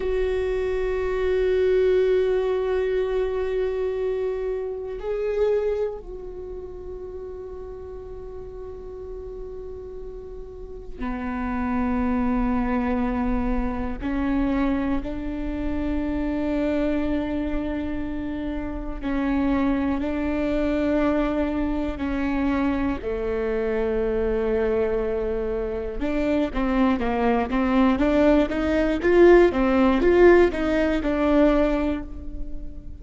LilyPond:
\new Staff \with { instrumentName = "viola" } { \time 4/4 \tempo 4 = 60 fis'1~ | fis'4 gis'4 fis'2~ | fis'2. b4~ | b2 cis'4 d'4~ |
d'2. cis'4 | d'2 cis'4 a4~ | a2 d'8 c'8 ais8 c'8 | d'8 dis'8 f'8 c'8 f'8 dis'8 d'4 | }